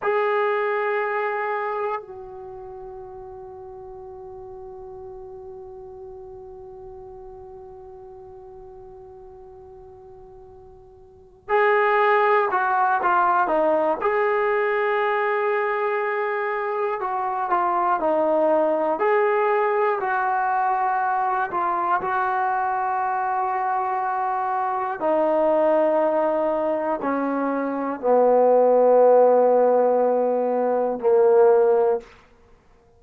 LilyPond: \new Staff \with { instrumentName = "trombone" } { \time 4/4 \tempo 4 = 60 gis'2 fis'2~ | fis'1~ | fis'2.~ fis'8 gis'8~ | gis'8 fis'8 f'8 dis'8 gis'2~ |
gis'4 fis'8 f'8 dis'4 gis'4 | fis'4. f'8 fis'2~ | fis'4 dis'2 cis'4 | b2. ais4 | }